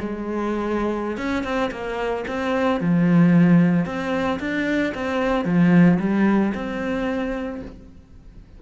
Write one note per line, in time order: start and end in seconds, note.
0.00 1.17 G#3
1.17 1.44 C#4
1.44 1.71 C4
1.72 2.25 A#3
2.28 2.81 C4
2.81 3.86 F3
3.86 4.40 C4
4.40 4.93 D4
4.95 5.45 C4
5.45 5.99 F3
6.00 6.53 G3
6.55 7.62 C4